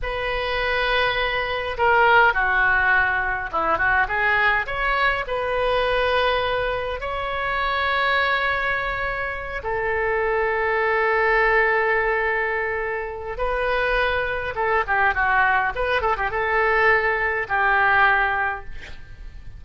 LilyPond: \new Staff \with { instrumentName = "oboe" } { \time 4/4 \tempo 4 = 103 b'2. ais'4 | fis'2 e'8 fis'8 gis'4 | cis''4 b'2. | cis''1~ |
cis''8 a'2.~ a'8~ | a'2. b'4~ | b'4 a'8 g'8 fis'4 b'8 a'16 g'16 | a'2 g'2 | }